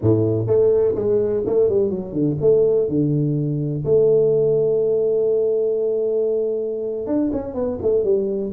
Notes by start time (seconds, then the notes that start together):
0.01 A2
0.46 A3
0.95 G#3
1.46 A3
1.69 G3
1.89 F#3
2.12 D3
2.40 A3
2.88 D3
3.84 A3
7.06 D4
7.32 C#4
7.54 B3
7.81 A3
8.04 G3